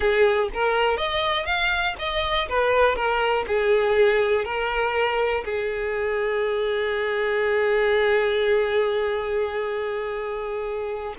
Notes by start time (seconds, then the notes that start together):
0.00 G#4
0.53 A#4
0.97 D#5
1.45 F5
1.99 D#5
2.49 B4
2.95 A#4
3.47 G#4
4.44 A#4
5.44 G#4